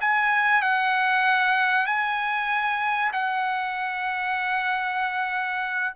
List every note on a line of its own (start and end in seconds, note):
0.00 0.61 G#5
0.61 1.86 F#5
1.86 3.11 G#5
3.12 5.93 F#5